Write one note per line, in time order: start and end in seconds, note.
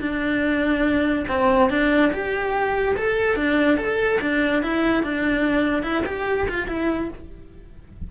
0.00 1.25 D4
1.28 1.70 C4
1.70 2.11 D4
2.12 2.95 G4
2.96 3.35 A4
3.35 3.77 D4
3.77 4.19 A4
4.21 4.62 D4
4.62 5.03 E4
5.03 5.82 D4
5.82 6.03 E4
6.05 6.47 G4
6.48 6.68 F4
6.68 7.09 E4